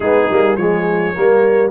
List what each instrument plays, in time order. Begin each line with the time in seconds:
0.00 tuba G#3, trombone B3, horn D#4, trumpet G#4
0.30 tuba G3, trombone A#3
0.56 tuba F3, trombone G#3, horn G#4, trumpet C#5
1.14 tuba G3, trombone A#3, horn A#4